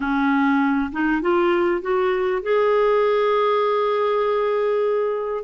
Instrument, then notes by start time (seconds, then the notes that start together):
clarinet
0.00 C#4
0.92 D#4
1.21 F4
1.81 F#4
2.42 G#4